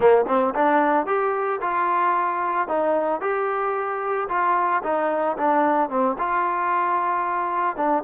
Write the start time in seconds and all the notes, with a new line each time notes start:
0.00 A#3
0.27 C4
0.55 D4
1.06 G4
1.61 F4
2.68 D#4
3.20 G4
4.29 F4
4.83 D#4
5.37 D4
5.89 C4
6.18 F4
7.76 D4